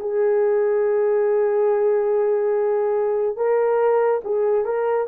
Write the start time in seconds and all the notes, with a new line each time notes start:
0.00 G#4
3.37 A#4
4.24 G#4
4.65 A#4